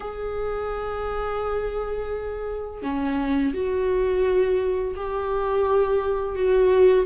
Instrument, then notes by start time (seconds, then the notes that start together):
viola
0.00 G#4
2.82 C#4
3.53 F#4
4.96 G4
6.35 F#4